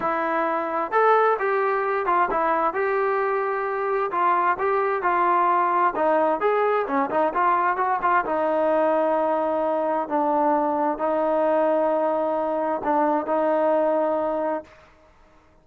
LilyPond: \new Staff \with { instrumentName = "trombone" } { \time 4/4 \tempo 4 = 131 e'2 a'4 g'4~ | g'8 f'8 e'4 g'2~ | g'4 f'4 g'4 f'4~ | f'4 dis'4 gis'4 cis'8 dis'8 |
f'4 fis'8 f'8 dis'2~ | dis'2 d'2 | dis'1 | d'4 dis'2. | }